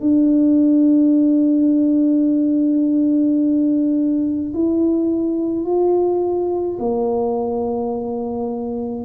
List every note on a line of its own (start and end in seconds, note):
0.00 4.53 D4
4.53 5.64 E4
5.64 6.78 F4
6.79 9.04 A#3